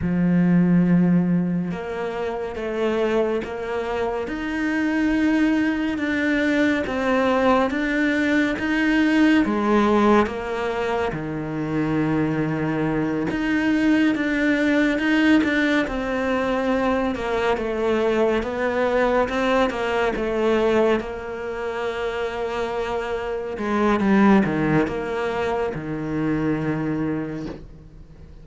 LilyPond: \new Staff \with { instrumentName = "cello" } { \time 4/4 \tempo 4 = 70 f2 ais4 a4 | ais4 dis'2 d'4 | c'4 d'4 dis'4 gis4 | ais4 dis2~ dis8 dis'8~ |
dis'8 d'4 dis'8 d'8 c'4. | ais8 a4 b4 c'8 ais8 a8~ | a8 ais2. gis8 | g8 dis8 ais4 dis2 | }